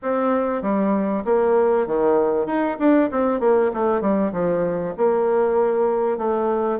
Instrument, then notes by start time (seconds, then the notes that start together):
bassoon
0.02 C4
0.62 G3
1.25 A#3
1.86 D#3
2.46 D#4
2.79 D4
3.11 C4
3.40 A#3
3.73 A3
4.01 G3
4.32 F3
4.97 A#3
6.17 A3